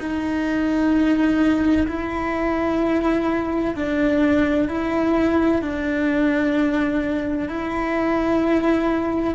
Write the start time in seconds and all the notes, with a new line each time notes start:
0.00 D#4
1.88 E4
3.76 D4
4.69 E4
5.62 D4
7.49 E4